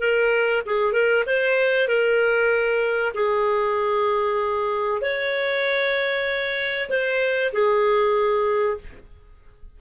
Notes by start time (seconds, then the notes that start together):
0.00 A#4
0.66 G#4
0.93 A#4
1.27 C5
1.88 A#4
3.15 G#4
5.02 C#5
6.90 C5
7.53 G#4